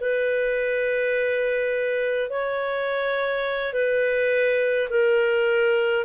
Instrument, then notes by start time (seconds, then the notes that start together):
clarinet
0.00 B4
2.30 C#5
3.73 B4
4.90 A#4